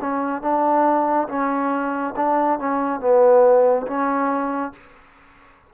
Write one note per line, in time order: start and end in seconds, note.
0.00 0.41 C#4
0.41 1.27 D4
1.28 2.14 C#4
2.16 2.58 D4
2.58 3.00 C#4
3.00 3.86 B3
3.86 4.72 C#4